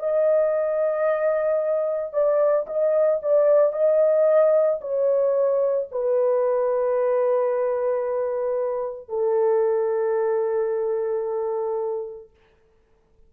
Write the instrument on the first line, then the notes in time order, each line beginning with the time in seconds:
horn
0.00 D#5
2.13 D5
2.67 D#5
3.23 D5
3.73 D#5
4.81 C#5
5.92 B4
9.09 A4